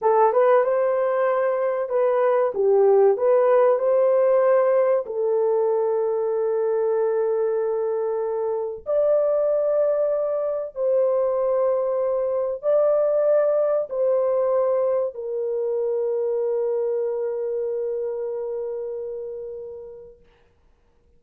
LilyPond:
\new Staff \with { instrumentName = "horn" } { \time 4/4 \tempo 4 = 95 a'8 b'8 c''2 b'4 | g'4 b'4 c''2 | a'1~ | a'2 d''2~ |
d''4 c''2. | d''2 c''2 | ais'1~ | ais'1 | }